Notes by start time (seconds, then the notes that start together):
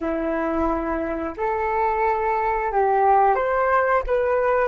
0.00 E4
1.37 A4
2.72 G4
3.35 C5
4.06 B4